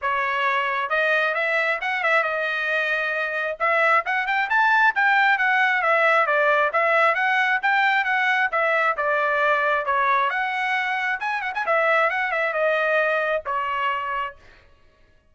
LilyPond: \new Staff \with { instrumentName = "trumpet" } { \time 4/4 \tempo 4 = 134 cis''2 dis''4 e''4 | fis''8 e''8 dis''2. | e''4 fis''8 g''8 a''4 g''4 | fis''4 e''4 d''4 e''4 |
fis''4 g''4 fis''4 e''4 | d''2 cis''4 fis''4~ | fis''4 gis''8 fis''16 gis''16 e''4 fis''8 e''8 | dis''2 cis''2 | }